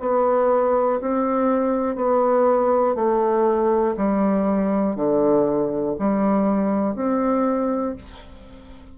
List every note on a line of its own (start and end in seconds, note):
0.00 1.00 B3
1.01 1.95 C4
1.95 2.95 B3
2.95 3.95 A3
3.96 4.96 G3
4.96 5.96 D3
5.99 6.95 G3
6.95 7.95 C4